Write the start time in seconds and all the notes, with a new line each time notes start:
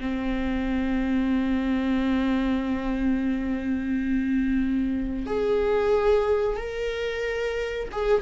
0.00 C4
5.26 G#4
6.56 A#4
7.92 G#4